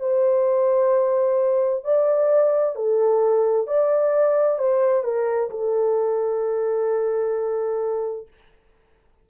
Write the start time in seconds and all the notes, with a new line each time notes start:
0.00 C5
1.84 D5
2.76 A4
3.67 D5
4.59 C5
5.04 A#4
5.50 A4